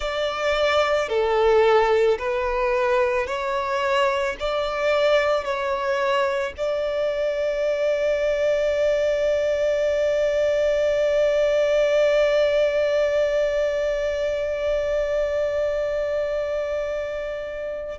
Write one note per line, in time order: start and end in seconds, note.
0.00 1.09 D5
1.09 2.18 A4
2.18 3.27 B4
3.27 4.36 C#5
4.39 5.44 D5
5.44 6.53 C#5
6.57 17.99 D5